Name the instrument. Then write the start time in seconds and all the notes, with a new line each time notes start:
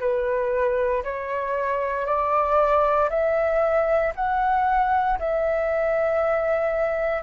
flute
0.00 B4
1.04 C#5
2.06 D5
3.10 E5
4.16 F#5
5.20 E5